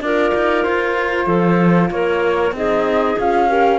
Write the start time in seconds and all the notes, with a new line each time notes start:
0.00 D4 F4 A#4 D5
0.34 D#4
0.63 F4 C5
1.26 F3 A4
1.90 A#3 A#4 C#5
2.51 C4 D#4 G#4 D#5
3.18 C#4 F4 F5
3.48 G4 A#4